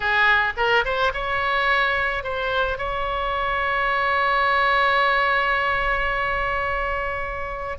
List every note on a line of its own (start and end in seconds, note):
0.00 0.53 G#4
0.56 0.84 A#4
0.84 1.12 C5
1.13 2.23 C#5
2.23 2.78 C5
2.78 7.78 C#5